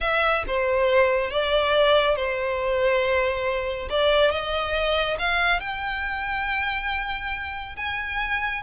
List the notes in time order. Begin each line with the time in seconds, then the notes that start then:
0.00 E5
0.47 C5
1.30 D5
2.15 C5
3.89 D5
4.30 D#5
5.18 F5
5.60 G5
7.76 G#5